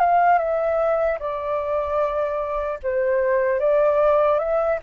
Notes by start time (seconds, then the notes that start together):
0.00 F5
0.39 E5
1.20 D5
2.83 C5
3.60 D5
4.39 E5